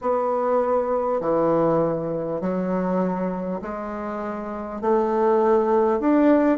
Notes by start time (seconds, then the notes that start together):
0.01 B3
1.21 E3
2.40 F#3
3.61 G#3
4.81 A3
5.99 D4